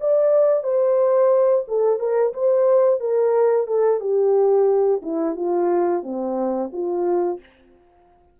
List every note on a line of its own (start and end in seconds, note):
0.00 0.63 D5
0.63 1.64 C5
1.67 1.99 A4
1.99 2.33 A#4
2.33 3.00 C5
3.00 3.67 A#4
3.67 4.00 A4
4.00 5.01 G4
5.02 5.36 E4
5.36 6.03 F4
6.03 6.70 C4
6.72 7.40 F4